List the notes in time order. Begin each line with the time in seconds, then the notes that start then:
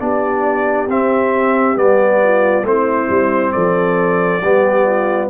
0.00 B3 D4 G4 D5
0.88 C4 E5
1.75 G3 B3 D5
2.24 F4
2.63 A3 C4 E4 C5
3.10 G3
3.53 F3 A4 D5
4.42 G3 B3 G4
4.86 F4